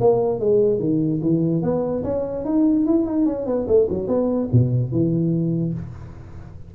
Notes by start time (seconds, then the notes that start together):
0.00 A#3
0.39 G#3
0.79 D#3
1.22 E3
1.62 B3
2.03 C#4
2.45 D#4
2.86 E4
3.06 D#4
3.26 C#4
3.46 B3
3.67 A3
3.89 F#3
4.07 B3
4.52 B2
4.91 E3